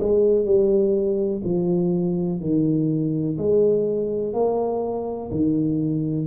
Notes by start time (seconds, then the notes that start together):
0.00 G#3
0.45 G3
1.44 F3
2.40 D#3
3.38 G#3
4.33 A#3
5.31 D#3